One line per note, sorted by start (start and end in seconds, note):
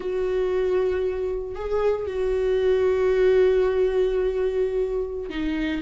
0.00 1.55 F#4
1.55 2.06 G#4
2.06 5.29 F#4
5.29 5.81 D#4